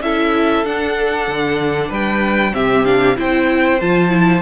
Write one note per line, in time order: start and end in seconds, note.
0.00 0.63 C#4
0.00 0.64 E4
0.00 1.88 A4
0.00 0.65 E5
0.64 1.27 D4
0.64 2.52 D4
0.64 1.91 F#5
1.27 1.90 D3
1.88 2.53 G3
1.88 2.52 B4
1.88 2.54 G5
2.52 3.17 C3
2.52 2.84 C4
2.52 3.17 G4
2.52 2.85 E5
2.84 3.16 D4
2.84 3.16 F5
3.16 3.81 C4
3.16 3.79 E4
3.16 4.42 C5
3.16 3.81 G5
3.81 4.42 F3
3.81 4.09 F4
3.81 4.42 A5
4.09 4.40 E4